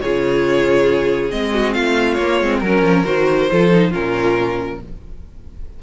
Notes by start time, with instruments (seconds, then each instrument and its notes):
0.00 cello C#3, viola F4, violin G#4 C#5
1.30 cello G#3, viola C4, violin D#5
1.53 violin F#4
1.73 cello A3, violin F4 F5
2.13 cello A#3, violin C#5
2.20 viola A#3
2.40 cello G#3, viola C4
2.59 cello F#3, viola C#4, violin A#4
2.81 cello F3
3.05 cello D#3, viola F#4, violin C5
3.50 cello F3, viola F4, violin A4
3.71 viola D#4
3.90 cello A#2, viola C#4, violin F4 A#4